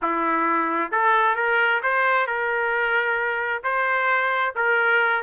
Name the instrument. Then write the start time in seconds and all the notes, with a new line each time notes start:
trumpet
0.02 E4
0.91 A4
1.35 A#4
1.82 C5
2.26 A#4
3.63 C5
4.55 A#4